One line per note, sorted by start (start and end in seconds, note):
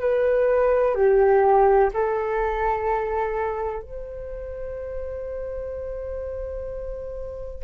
0.00 0.94 B4
0.94 1.90 G4
1.94 3.82 A4
3.82 7.63 C5